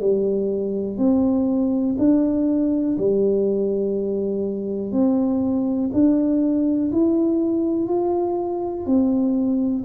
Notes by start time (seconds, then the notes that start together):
0.00 G3
0.98 C4
1.99 D4
2.98 G3
4.92 C4
5.93 D4
6.92 E4
7.88 F4
8.86 C4